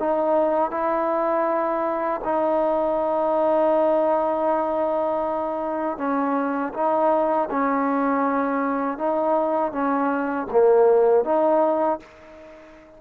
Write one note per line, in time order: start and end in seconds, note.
0.00 0.71 D#4
0.71 2.21 E4
2.24 5.98 D#4
5.98 6.73 C#4
6.74 7.49 D#4
7.51 8.98 C#4
8.98 9.72 D#4
9.72 10.47 C#4
10.51 11.25 A#3
11.25 12.00 D#4